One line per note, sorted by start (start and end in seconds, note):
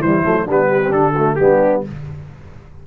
0.00 0.23 E3
0.00 0.24 G3
0.00 0.45 E4
0.00 0.48 C5
0.24 0.49 F#3
0.24 0.46 A3
0.45 0.91 G3
0.45 0.84 B3
0.45 0.68 D4
0.51 0.92 B4
0.70 1.13 G4
0.84 0.91 C4
0.91 1.36 D3
0.91 1.13 D4
0.91 1.36 A4
1.13 1.39 A3
1.13 1.36 F#4
1.36 1.86 G3
1.36 1.84 B3
1.36 1.87 D4
1.36 1.81 G4